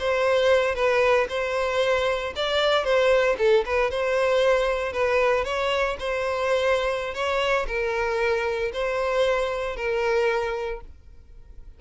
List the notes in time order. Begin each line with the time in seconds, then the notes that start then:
0.00 C5
0.75 B4
1.29 C5
2.36 D5
2.85 C5
3.39 A4
3.66 B4
3.91 C5
4.93 B4
5.45 C#5
6.00 C5
7.15 C#5
7.68 A#4
8.73 C5
9.77 A#4